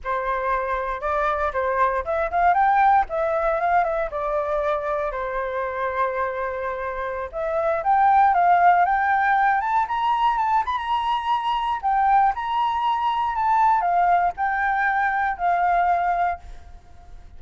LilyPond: \new Staff \with { instrumentName = "flute" } { \time 4/4 \tempo 4 = 117 c''2 d''4 c''4 | e''8 f''8 g''4 e''4 f''8 e''8 | d''2 c''2~ | c''2~ c''16 e''4 g''8.~ |
g''16 f''4 g''4. a''8 ais''8.~ | ais''16 a''8 b''16 ais''2 g''4 | ais''2 a''4 f''4 | g''2 f''2 | }